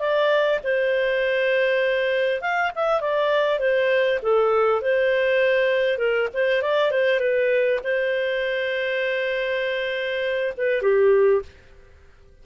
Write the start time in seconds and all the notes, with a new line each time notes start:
0.00 D5
0.64 C5
2.42 F5
2.75 E5
3.01 D5
3.59 C5
4.23 A4
4.82 C5
5.98 A#4
6.34 C5
6.62 D5
6.92 C5
7.20 B4
7.84 C5
10.57 B4
10.82 G4